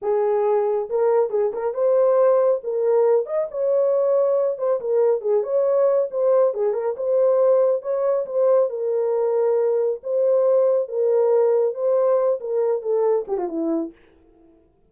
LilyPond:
\new Staff \with { instrumentName = "horn" } { \time 4/4 \tempo 4 = 138 gis'2 ais'4 gis'8 ais'8 | c''2 ais'4. dis''8 | cis''2~ cis''8 c''8 ais'4 | gis'8 cis''4. c''4 gis'8 ais'8 |
c''2 cis''4 c''4 | ais'2. c''4~ | c''4 ais'2 c''4~ | c''8 ais'4 a'4 g'16 f'16 e'4 | }